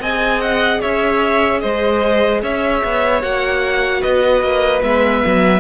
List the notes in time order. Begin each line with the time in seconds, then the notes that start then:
0.00 C4 G#4 D#5 G#5
0.41 F#5
0.81 C#4 C#5 E5
1.61 G#3 C5 D#5
2.42 C#4 C#5 E5
2.84 B3
3.22 A#3 F#4 F#5
4.01 B3 B4 D#5
4.42 A#3
4.83 G#3 B3 E5
5.26 F#3